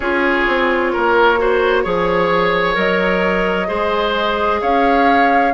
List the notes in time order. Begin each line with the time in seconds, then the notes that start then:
0.00 C#4 F4 G#4 C#5
0.47 C4
0.92 A#3 A#4
1.38 F#4 C5
1.83 F3 G#4 C#5
2.74 F#3 A#4 D#5
3.66 G#3 G#4 C5
4.61 C#4 C#5 F5